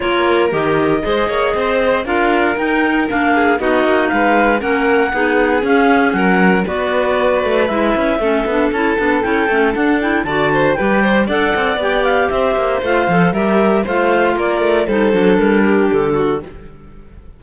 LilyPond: <<
  \new Staff \with { instrumentName = "clarinet" } { \time 4/4 \tempo 4 = 117 cis''4 dis''2. | f''4 g''4 f''4 dis''4 | f''4 fis''2 f''4 | fis''4 d''2 e''4~ |
e''4 a''4 g''4 fis''8 g''8 | a''4 g''4 fis''4 g''8 f''8 | e''4 f''4 e''4 f''4 | d''4 c''4 ais'4 a'4 | }
  \new Staff \with { instrumentName = "violin" } { \time 4/4 ais'2 c''8 cis''8 c''4 | ais'2~ ais'8 gis'8 fis'4 | b'4 ais'4 gis'2 | ais'4 b'2. |
a'1 | d''8 c''8 b'8 c''8 d''2 | c''2 ais'4 c''4 | ais'4 a'4. g'4 fis'8 | }
  \new Staff \with { instrumentName = "clarinet" } { \time 4/4 f'4 g'4 gis'2 | f'4 dis'4 d'4 dis'4~ | dis'4 cis'4 dis'4 cis'4~ | cis'4 fis'2 e'4 |
cis'8 d'8 e'8 d'8 e'8 cis'8 d'8 e'8 | fis'4 g'4 a'4 g'4~ | g'4 f'8 a'8 g'4 f'4~ | f'4 dis'8 d'2~ d'8 | }
  \new Staff \with { instrumentName = "cello" } { \time 4/4 ais4 dis4 gis8 ais8 c'4 | d'4 dis'4 ais4 b8 ais8 | gis4 ais4 b4 cis'4 | fis4 b4. a8 gis8 cis'8 |
a8 b8 cis'8 b8 cis'8 a8 d'4 | d4 g4 d'8 c'8 b4 | c'8 ais8 a8 f8 g4 a4 | ais8 a8 g8 fis8 g4 d4 | }
>>